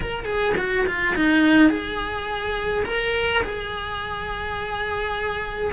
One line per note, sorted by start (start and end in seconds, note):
0.00 0.25 A#4
0.25 0.54 G#4
0.57 0.86 F#4
0.86 1.15 F4
1.15 1.69 D#4
1.69 2.84 G#4
2.85 3.42 A#4
3.43 5.71 G#4